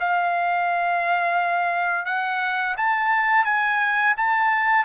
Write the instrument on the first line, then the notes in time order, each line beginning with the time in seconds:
trumpet
0.00 F5
2.06 F#5
2.77 A5
3.45 G#5
4.17 A5